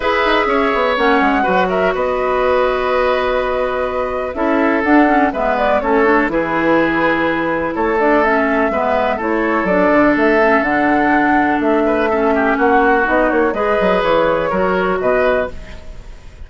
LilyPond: <<
  \new Staff \with { instrumentName = "flute" } { \time 4/4 \tempo 4 = 124 e''2 fis''4. e''8 | dis''1~ | dis''4 e''4 fis''4 e''8 d''8 | cis''4 b'2. |
cis''8 d''8 e''2 cis''4 | d''4 e''4 fis''2 | e''2 fis''4 dis''8 cis''8 | dis''4 cis''2 dis''4 | }
  \new Staff \with { instrumentName = "oboe" } { \time 4/4 b'4 cis''2 b'8 ais'8 | b'1~ | b'4 a'2 b'4 | a'4 gis'2. |
a'2 b'4 a'4~ | a'1~ | a'8 b'8 a'8 g'8 fis'2 | b'2 ais'4 b'4 | }
  \new Staff \with { instrumentName = "clarinet" } { \time 4/4 gis'2 cis'4 fis'4~ | fis'1~ | fis'4 e'4 d'8 cis'8 b4 | cis'8 d'8 e'2.~ |
e'8 d'8 cis'4 b4 e'4 | d'4. cis'8 d'2~ | d'4 cis'2 dis'4 | gis'2 fis'2 | }
  \new Staff \with { instrumentName = "bassoon" } { \time 4/4 e'8 dis'8 cis'8 b8 ais8 gis8 fis4 | b1~ | b4 cis'4 d'4 gis4 | a4 e2. |
a2 gis4 a4 | fis8 d8 a4 d2 | a2 ais4 b8 ais8 | gis8 fis8 e4 fis4 b,4 | }
>>